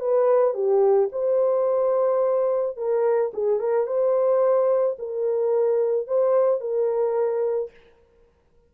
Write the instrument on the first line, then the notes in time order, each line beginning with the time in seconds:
horn
0.00 B4
0.54 G4
1.12 C5
2.76 A#4
3.33 G#4
3.59 A#4
3.86 C5
4.99 A#4
6.07 C5
6.60 A#4